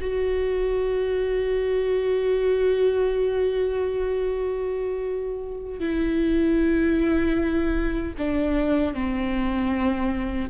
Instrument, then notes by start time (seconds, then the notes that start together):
viola
0.00 F#4
5.79 E4
8.17 D4
8.93 C4